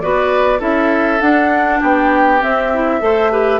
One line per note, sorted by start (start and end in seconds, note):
0.00 0.61 B3
0.00 0.59 F#4
0.00 0.59 B4
0.00 0.60 D5
0.59 1.21 C#4
0.59 1.19 E4
0.59 1.79 A4
0.59 1.20 E5
1.20 2.40 D4
1.20 1.81 D4
1.20 1.80 F#5
1.79 2.42 B3
1.79 3.00 G4
1.79 2.42 G5
2.40 2.69 C4
2.40 3.01 C4
2.40 3.60 E5
2.73 3.00 E4
3.00 3.60 A3
3.00 3.30 A4
3.00 3.31 C5
3.31 3.60 G4
3.31 3.60 B4